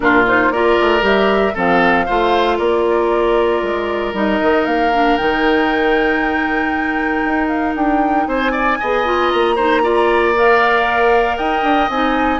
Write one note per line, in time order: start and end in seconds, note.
0.00 0.50 A#2
0.00 0.25 D4
0.00 0.52 F4
0.00 0.26 A#4
0.27 0.53 D#4
0.27 0.52 C5
0.50 0.76 A#3
0.50 1.01 F4
0.50 1.54 A#4
0.50 1.04 D5
0.80 1.01 A3
1.01 1.53 G3
1.01 1.53 G4
1.01 1.56 E5
1.54 2.08 F3
1.54 2.07 C4
1.54 2.05 A4
1.54 2.58 F5
2.05 2.59 A3
2.05 4.14 F4
2.05 2.57 C5
2.58 3.62 A#3
2.58 8.27 A#4
2.58 4.13 D5
3.62 4.13 G#3
4.13 4.39 G3
4.13 4.91 D#4
4.13 4.65 D#5
4.41 4.66 D#3
4.65 5.17 A#3
4.65 5.17 F5
4.93 5.18 D4
5.17 7.24 D#3
5.17 8.80 D#4
5.17 7.48 G5
7.24 7.75 D#4
7.48 7.74 F5
7.75 8.26 D4
7.75 8.27 G5
8.26 8.78 C4
8.26 8.51 C5
8.26 9.29 G#5
8.51 8.77 D5
8.80 9.33 B3
8.80 9.04 G#4
8.80 9.55 D#5
9.04 9.56 F4
9.29 11.38 A#3
9.29 10.32 A#5
9.55 9.82 D#4
9.55 9.81 C5
9.82 10.34 F4
9.82 11.37 D5
10.36 11.91 A#4
10.36 11.37 F5
11.37 11.62 D#4
11.37 12.40 D#5
11.37 11.89 G5
11.62 11.88 D4
11.88 12.40 C4
11.88 12.40 D#4
11.88 12.40 G#5